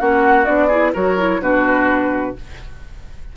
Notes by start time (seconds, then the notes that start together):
0.00 A#3 C#4 F#4 F#5
0.45 B3 D4 D5
0.68 E4 G#4
0.94 F#3 F#4 A#4 C#5
1.18 E4
1.40 B2 D4 F#4 B4